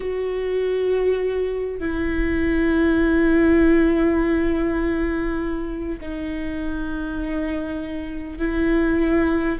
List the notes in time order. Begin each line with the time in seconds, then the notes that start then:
0.00 F#4
1.79 E4
6.00 D#4
8.38 E4